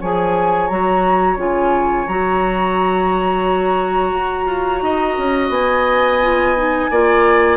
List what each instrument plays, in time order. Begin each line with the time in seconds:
0.00 bassoon F3, clarinet G#4, oboe C#5, flute G#5
0.68 bassoon F#3, clarinet F#4, flute A#5
1.36 bassoon C#3, clarinet F4, flute G#5
2.07 bassoon F#3, clarinet F#4, flute A#5
4.13 bassoon F#4
4.45 bassoon F4
4.81 bassoon D#4, oboe D#5
5.17 bassoon C#4
5.49 bassoon B3, flute G#5
6.22 clarinet F4
6.56 clarinet D#4
6.90 bassoon A#3, clarinet F4, oboe D5